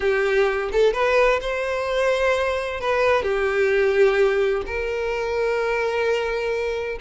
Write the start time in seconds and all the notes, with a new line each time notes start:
0.00 G4
0.71 A4
0.93 B4
1.41 C5
2.80 B4
3.22 G4
4.66 A#4